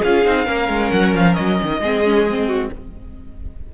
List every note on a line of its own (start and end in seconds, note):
0.00 0.26 C#4
0.00 0.25 F4
0.00 0.45 G#4
0.00 0.91 F5
0.25 0.47 C4
0.25 0.46 D#4
0.45 0.69 A#3
0.45 1.80 C#4
0.45 1.79 A#4
0.69 0.91 G#3
0.91 1.14 F#3
0.91 1.14 F#5
1.14 1.37 F3
1.14 1.35 F5
1.35 1.61 F#3
1.35 2.69 D#5
1.62 1.80 D#3
1.80 2.69 G#3
1.80 2.05 C4
1.80 2.48 G#4
2.05 2.27 C#4
2.30 2.74 C4
2.48 2.70 F#4